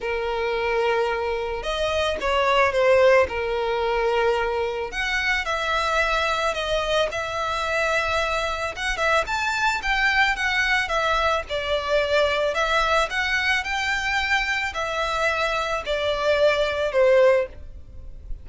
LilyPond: \new Staff \with { instrumentName = "violin" } { \time 4/4 \tempo 4 = 110 ais'2. dis''4 | cis''4 c''4 ais'2~ | ais'4 fis''4 e''2 | dis''4 e''2. |
fis''8 e''8 a''4 g''4 fis''4 | e''4 d''2 e''4 | fis''4 g''2 e''4~ | e''4 d''2 c''4 | }